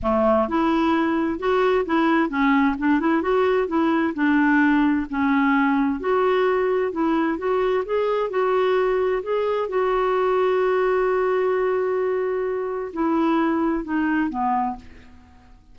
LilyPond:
\new Staff \with { instrumentName = "clarinet" } { \time 4/4 \tempo 4 = 130 a4 e'2 fis'4 | e'4 cis'4 d'8 e'8 fis'4 | e'4 d'2 cis'4~ | cis'4 fis'2 e'4 |
fis'4 gis'4 fis'2 | gis'4 fis'2.~ | fis'1 | e'2 dis'4 b4 | }